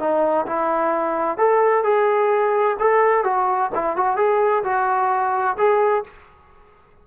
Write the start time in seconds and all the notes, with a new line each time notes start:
0.00 D#4
0.47 E4
1.38 A4
1.84 G#4
2.80 A4
3.25 F#4
3.75 E4
3.97 F#4
4.17 G#4
4.64 F#4
5.58 G#4